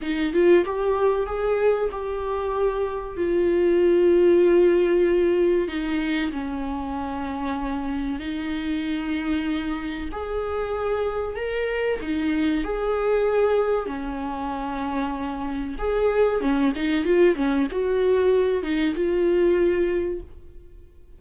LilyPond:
\new Staff \with { instrumentName = "viola" } { \time 4/4 \tempo 4 = 95 dis'8 f'8 g'4 gis'4 g'4~ | g'4 f'2.~ | f'4 dis'4 cis'2~ | cis'4 dis'2. |
gis'2 ais'4 dis'4 | gis'2 cis'2~ | cis'4 gis'4 cis'8 dis'8 f'8 cis'8 | fis'4. dis'8 f'2 | }